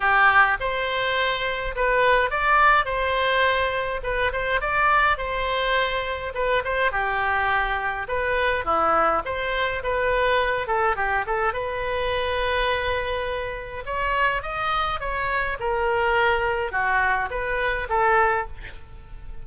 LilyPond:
\new Staff \with { instrumentName = "oboe" } { \time 4/4 \tempo 4 = 104 g'4 c''2 b'4 | d''4 c''2 b'8 c''8 | d''4 c''2 b'8 c''8 | g'2 b'4 e'4 |
c''4 b'4. a'8 g'8 a'8 | b'1 | cis''4 dis''4 cis''4 ais'4~ | ais'4 fis'4 b'4 a'4 | }